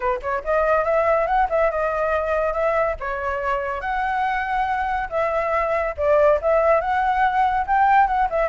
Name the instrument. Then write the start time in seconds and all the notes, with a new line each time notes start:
flute
0.00 B4
0.22 C#5
0.44 D#5
0.84 E5
1.26 F#5
1.49 E5
1.70 D#5
2.53 E5
2.99 C#5
3.81 F#5
5.09 E5
5.97 D5
6.41 E5
6.80 F#5
7.67 G5
8.07 F#5
8.30 E5